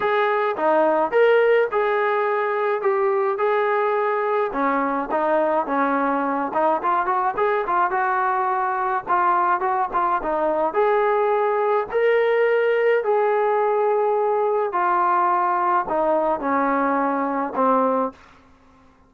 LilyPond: \new Staff \with { instrumentName = "trombone" } { \time 4/4 \tempo 4 = 106 gis'4 dis'4 ais'4 gis'4~ | gis'4 g'4 gis'2 | cis'4 dis'4 cis'4. dis'8 | f'8 fis'8 gis'8 f'8 fis'2 |
f'4 fis'8 f'8 dis'4 gis'4~ | gis'4 ais'2 gis'4~ | gis'2 f'2 | dis'4 cis'2 c'4 | }